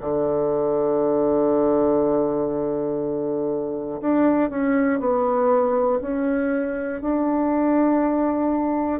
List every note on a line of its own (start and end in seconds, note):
0.00 4.00 D3
4.00 4.49 D4
4.49 4.99 C#4
4.99 5.99 B3
6.01 7.01 C#4
7.01 9.00 D4